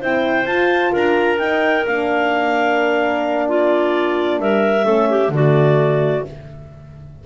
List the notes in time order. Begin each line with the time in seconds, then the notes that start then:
0.00 C4 E4 C5 G5
0.45 F4 A5
0.92 D4 A#4 A#5
1.39 D#4 G5
1.87 A#3 D4 F5
3.48 F4 D5
4.39 G3 A#4 E5
4.84 A3 C#4 A4
5.09 G4
5.29 D3 A3 F#4 D5